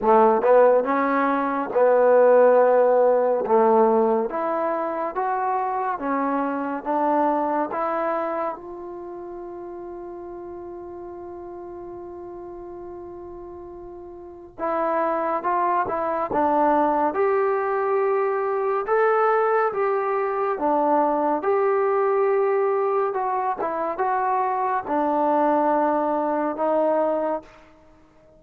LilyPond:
\new Staff \with { instrumentName = "trombone" } { \time 4/4 \tempo 4 = 70 a8 b8 cis'4 b2 | a4 e'4 fis'4 cis'4 | d'4 e'4 f'2~ | f'1~ |
f'4 e'4 f'8 e'8 d'4 | g'2 a'4 g'4 | d'4 g'2 fis'8 e'8 | fis'4 d'2 dis'4 | }